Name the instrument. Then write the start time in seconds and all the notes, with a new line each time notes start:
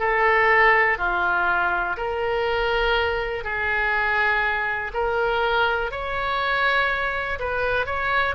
oboe
0.00 A4
0.98 F4
1.97 A#4
3.44 G#4
4.94 A#4
5.92 C#5
7.39 B4
7.86 C#5